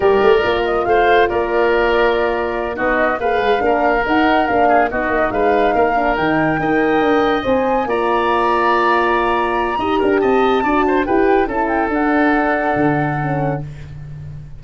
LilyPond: <<
  \new Staff \with { instrumentName = "flute" } { \time 4/4 \tempo 4 = 141 d''4. dis''8 f''4 d''4~ | d''2~ d''8 dis''4 f''8~ | f''4. fis''4 f''4 dis''8~ | dis''8 f''2 g''4.~ |
g''4. gis''4 ais''4.~ | ais''1 | a''2 g''4 a''8 g''8 | fis''1 | }
  \new Staff \with { instrumentName = "oboe" } { \time 4/4 ais'2 c''4 ais'4~ | ais'2~ ais'8 fis'4 b'8~ | b'8 ais'2~ ais'8 gis'8 fis'8~ | fis'8 b'4 ais'2 dis''8~ |
dis''2~ dis''8 d''4.~ | d''2. dis''8 ais'8 | dis''4 d''8 c''8 b'4 a'4~ | a'1 | }
  \new Staff \with { instrumentName = "horn" } { \time 4/4 g'4 f'2.~ | f'2~ f'8 dis'4 gis'8~ | gis'8 d'4 dis'4 d'4 dis'8~ | dis'2 d'8 dis'4 ais'8~ |
ais'4. c''4 f'4.~ | f'2. g'4~ | g'4 fis'4 g'4 e'4 | d'2. cis'4 | }
  \new Staff \with { instrumentName = "tuba" } { \time 4/4 g8 a8 ais4 a4 ais4~ | ais2~ ais8 b4 ais8 | gis8 ais4 dis'4 ais4 b8 | ais8 gis4 ais4 dis4 dis'8~ |
dis'8 d'4 c'4 ais4.~ | ais2. dis'8 d'8 | c'4 d'4 e'4 cis'4 | d'2 d2 | }
>>